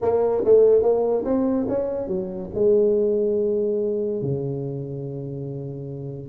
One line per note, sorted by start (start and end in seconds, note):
0.01 0.43 A#3
0.44 0.82 A3
0.82 1.24 A#3
1.25 1.66 C4
1.68 2.07 C#4
2.07 2.49 F#3
2.54 4.21 G#3
4.21 6.29 C#3